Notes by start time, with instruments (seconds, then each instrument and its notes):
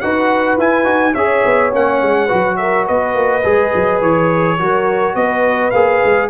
0.00 tuba D#4, trombone F#4, horn B4, trumpet F#5
0.57 tuba E4, trombone E4, trumpet G#5
0.84 tuba D#4, trombone F#4
1.14 tuba C#4, trombone G#4, horn C#5, trumpet E5
1.45 tuba B3
1.72 tuba A#3, trombone C#4, trumpet F#5
2.02 tuba G#3
2.26 trombone F#4, horn B4
2.32 tuba F#3
2.56 horn A#4, trumpet E5
2.85 tuba B3, horn B4, trumpet D#5
3.15 tuba A#3
3.43 tuba G#3, trombone G#4
3.74 tuba F#3
4.01 tuba E3, trumpet C#5
4.57 tuba F#3, trombone F#4, horn A#4
5.15 tuba B3, horn B4, trumpet D#5
5.70 tuba A#3, trombone G#4, trumpet F5
6.04 tuba G#3